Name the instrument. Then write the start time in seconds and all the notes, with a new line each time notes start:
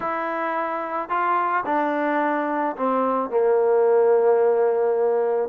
trombone
0.00 E4
1.09 F4
1.65 D4
2.76 C4
3.30 A#3